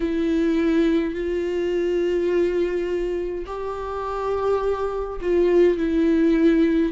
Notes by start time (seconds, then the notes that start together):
0.00 E4
1.14 F4
3.46 G4
5.21 F4
5.77 E4